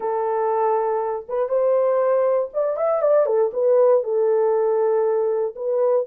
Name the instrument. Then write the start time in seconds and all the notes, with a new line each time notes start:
horn
0.00 A4
1.28 B4
1.48 C5
2.53 D5
2.76 E5
3.02 D5
3.25 A4
3.53 B4
4.03 A4
5.55 B4